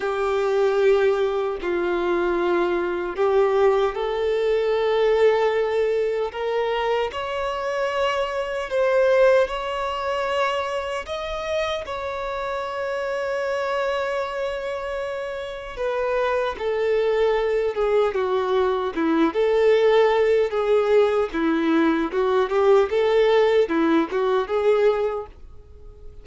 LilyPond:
\new Staff \with { instrumentName = "violin" } { \time 4/4 \tempo 4 = 76 g'2 f'2 | g'4 a'2. | ais'4 cis''2 c''4 | cis''2 dis''4 cis''4~ |
cis''1 | b'4 a'4. gis'8 fis'4 | e'8 a'4. gis'4 e'4 | fis'8 g'8 a'4 e'8 fis'8 gis'4 | }